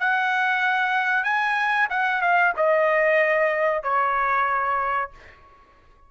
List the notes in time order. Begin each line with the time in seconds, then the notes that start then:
0.00 F#5
1.24 G#5
1.90 F#5
2.22 F5
2.57 D#5
3.83 C#5